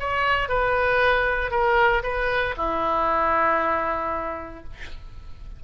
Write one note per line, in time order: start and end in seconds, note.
0.00 0.49 C#5
0.49 1.51 B4
1.51 2.03 A#4
2.03 2.55 B4
2.57 4.64 E4